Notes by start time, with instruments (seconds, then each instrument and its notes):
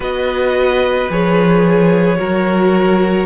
0.00 cello B3, viola F#4, violin B4 D#5
1.09 cello F3, viola G#4, violin C#5
2.16 cello F#3, viola F#4, violin A#4